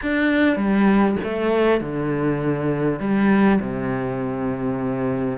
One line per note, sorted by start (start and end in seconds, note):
0.02 0.56 D4
0.56 1.16 G3
1.23 1.80 A3
1.80 2.99 D3
2.99 3.59 G3
3.60 5.38 C3